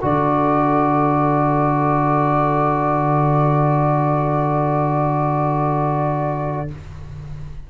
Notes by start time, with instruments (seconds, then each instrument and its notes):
0.00 tuba D3, trombone F#4, violin A4, flute D5